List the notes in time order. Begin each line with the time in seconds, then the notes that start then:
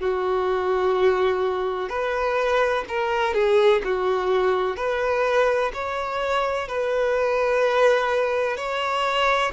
0.00 F#4
1.89 B4
2.88 A#4
3.34 G#4
3.84 F#4
4.76 B4
5.74 C#5
6.68 B4
8.56 C#5